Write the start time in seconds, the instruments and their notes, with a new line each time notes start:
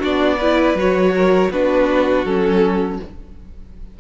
0.00 cello B3, viola D4, violin F#4 D5
0.39 viola E4, violin B4
0.75 cello F#3, viola F#4, violin C#5
1.16 violin A#4
1.50 cello B3, viola D4, violin F#4 B4
2.25 cello F#3, viola C#4, violin A4